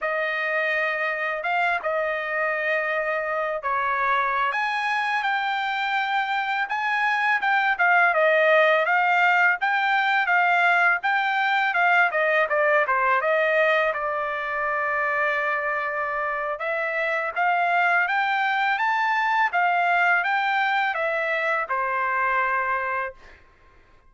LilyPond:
\new Staff \with { instrumentName = "trumpet" } { \time 4/4 \tempo 4 = 83 dis''2 f''8 dis''4.~ | dis''4 cis''4~ cis''16 gis''4 g''8.~ | g''4~ g''16 gis''4 g''8 f''8 dis''8.~ | dis''16 f''4 g''4 f''4 g''8.~ |
g''16 f''8 dis''8 d''8 c''8 dis''4 d''8.~ | d''2. e''4 | f''4 g''4 a''4 f''4 | g''4 e''4 c''2 | }